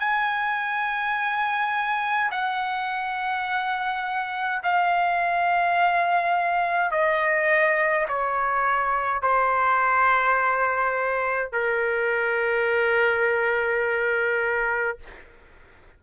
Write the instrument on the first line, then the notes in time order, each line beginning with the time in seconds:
trumpet
0.00 G#5
2.32 F#5
4.64 F5
6.92 D#5
8.09 C#5
9.22 C5
11.52 A#4